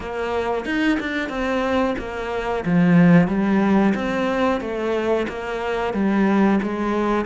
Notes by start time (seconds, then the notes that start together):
0.00 A#3
0.65 D#4
0.99 D4
1.29 C4
1.98 A#3
2.65 F3
3.27 G3
3.94 C4
4.61 A3
5.28 A#3
5.93 G3
6.63 G#3